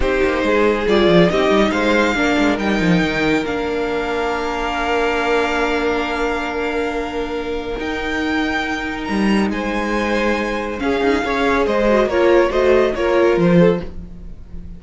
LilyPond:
<<
  \new Staff \with { instrumentName = "violin" } { \time 4/4 \tempo 4 = 139 c''2 d''4 dis''4 | f''2 g''2 | f''1~ | f''1~ |
f''2 g''2~ | g''4 ais''4 gis''2~ | gis''4 f''2 dis''4 | cis''4 dis''4 cis''4 c''4 | }
  \new Staff \with { instrumentName = "violin" } { \time 4/4 g'4 gis'2 g'4 | c''4 ais'2.~ | ais'1~ | ais'1~ |
ais'1~ | ais'2 c''2~ | c''4 gis'4 cis''4 c''4 | ais'4 c''4 ais'4. a'8 | }
  \new Staff \with { instrumentName = "viola" } { \time 4/4 dis'2 f'4 dis'4~ | dis'4 d'4 dis'2 | d'1~ | d'1~ |
d'2 dis'2~ | dis'1~ | dis'4 cis'4 gis'4. fis'8 | f'4 fis'4 f'2 | }
  \new Staff \with { instrumentName = "cello" } { \time 4/4 c'8 ais8 gis4 g8 f8 c'8 g8 | gis4 ais8 gis8 g8 f8 dis4 | ais1~ | ais1~ |
ais2 dis'2~ | dis'4 g4 gis2~ | gis4 cis'8 dis'8 cis'4 gis4 | ais4 a4 ais4 f4 | }
>>